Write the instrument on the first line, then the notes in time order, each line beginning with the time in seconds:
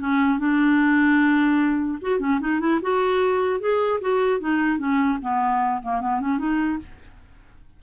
clarinet
0.00 C#4
0.39 D4
2.01 F#4
2.19 C#4
2.40 D#4
2.60 E4
2.82 F#4
3.60 G#4
4.01 F#4
4.40 D#4
4.78 C#4
5.22 B3
5.82 A#3
6.01 B3
6.20 C#4
6.38 D#4